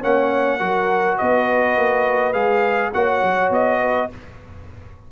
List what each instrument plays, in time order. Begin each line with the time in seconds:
0.00 tuba A#3, trombone C#4, horn C#5, trumpet F#5
0.59 tuba F#3, trombone F#4, horn A#4
1.18 tuba B3, horn B4, trumpet D#5
1.77 tuba A#3
2.33 tuba G#3, trombone G#4, trumpet F5
2.93 tuba A#3, trombone F#4, horn C#5, trumpet F#5
3.22 tuba F#3
3.50 tuba B3, trumpet D#5
3.81 horn B4